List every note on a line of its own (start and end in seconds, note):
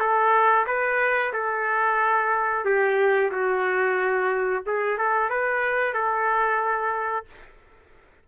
0.00 0.66 A4
0.67 1.32 B4
1.33 2.65 A4
2.65 3.31 G4
3.31 4.63 F#4
4.66 4.98 G#4
4.98 5.30 A4
5.30 5.94 B4
5.94 7.26 A4